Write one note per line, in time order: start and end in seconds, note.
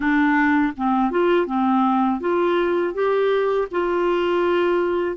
0.00 0.72 D4
0.76 1.10 C4
1.10 1.46 F4
1.46 2.20 C4
2.20 2.94 F4
2.94 3.68 G4
3.71 5.16 F4